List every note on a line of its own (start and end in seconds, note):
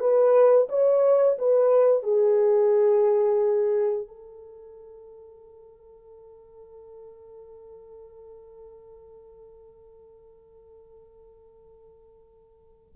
0.00 0.68 B4
0.69 1.38 C#5
1.39 2.03 B4
2.03 4.08 G#4
4.08 12.94 A4